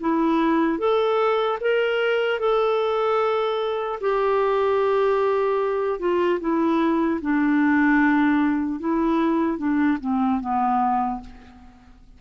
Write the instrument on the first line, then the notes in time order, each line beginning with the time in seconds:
clarinet
0.00 E4
0.78 A4
1.61 A#4
2.39 A4
4.01 G4
5.99 F4
6.40 E4
7.21 D4
8.80 E4
9.58 D4
10.01 C4
10.40 B3